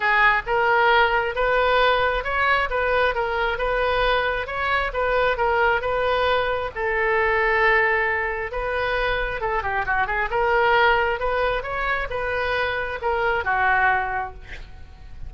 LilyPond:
\new Staff \with { instrumentName = "oboe" } { \time 4/4 \tempo 4 = 134 gis'4 ais'2 b'4~ | b'4 cis''4 b'4 ais'4 | b'2 cis''4 b'4 | ais'4 b'2 a'4~ |
a'2. b'4~ | b'4 a'8 g'8 fis'8 gis'8 ais'4~ | ais'4 b'4 cis''4 b'4~ | b'4 ais'4 fis'2 | }